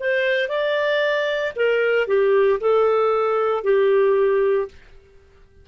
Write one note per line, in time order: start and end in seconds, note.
0.00 0.49 C5
0.49 1.53 D5
1.56 2.08 A#4
2.08 2.60 G4
2.60 3.64 A4
3.64 4.69 G4